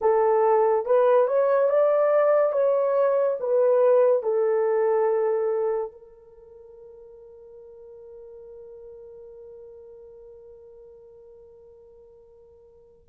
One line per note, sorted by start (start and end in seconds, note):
0.01 0.85 A4
0.85 1.27 B4
1.27 1.69 C#5
1.69 2.52 D5
2.52 3.36 C#5
3.40 4.23 B4
4.23 5.91 A4
5.91 13.08 A#4